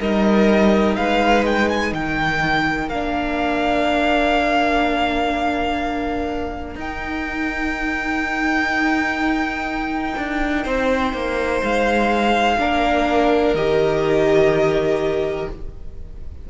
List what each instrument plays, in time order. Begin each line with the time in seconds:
0.00 cello G3, viola D#4, violin A#4 D#5
0.96 cello G#3, violin B4 F5
1.46 violin G5
1.69 violin G#5
1.93 cello D#3, violin A#4 G5
2.89 cello A#3, viola D4, violin F5
6.75 cello D#4, viola D#4, violin G5
10.18 cello D4
10.64 cello C4, violin C5
11.14 cello A#3
11.63 cello G#3, violin F5
12.59 cello A#3, viola D4, violin A#4
13.54 cello D#3, viola G4, violin D#5